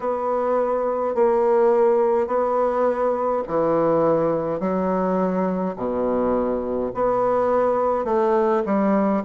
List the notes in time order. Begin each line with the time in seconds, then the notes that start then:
0.00 B3
1.14 A#3
2.27 B3
3.47 E3
4.59 F#3
5.76 B2
6.94 B3
8.05 A3
8.65 G3